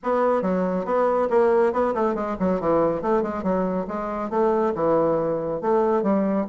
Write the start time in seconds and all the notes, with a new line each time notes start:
0.03 B3
0.42 F#3
0.85 B3
1.29 A#3
1.72 B3
1.94 A3
2.14 G#3
2.39 F#3
2.60 E3
3.02 A3
3.22 G#3
3.43 F#3
3.87 G#3
4.30 A3
4.74 E3
5.61 A3
6.02 G3